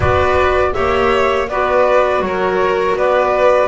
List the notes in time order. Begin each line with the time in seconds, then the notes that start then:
0.00 B3 F#4 B4 D5
0.73 A#3 G4 C#5 E5
1.48 B3 F#4 B4 D5
2.20 F#3 C#5
2.26 A#4
2.94 B3 B4 D5